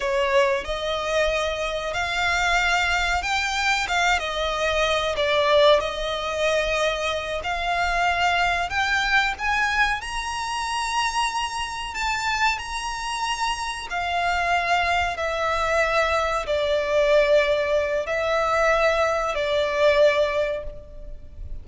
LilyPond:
\new Staff \with { instrumentName = "violin" } { \time 4/4 \tempo 4 = 93 cis''4 dis''2 f''4~ | f''4 g''4 f''8 dis''4. | d''4 dis''2~ dis''8 f''8~ | f''4. g''4 gis''4 ais''8~ |
ais''2~ ais''8 a''4 ais''8~ | ais''4. f''2 e''8~ | e''4. d''2~ d''8 | e''2 d''2 | }